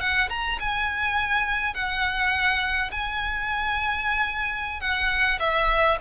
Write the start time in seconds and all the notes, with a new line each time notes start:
0.00 F#5
0.29 A#5
0.60 G#5
1.74 F#5
2.92 G#5
4.81 F#5
5.39 E5